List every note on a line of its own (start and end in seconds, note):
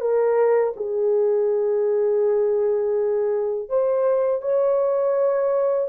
0.00 0.73 A#4
0.76 3.69 G#4
3.69 4.41 C5
4.41 5.88 C#5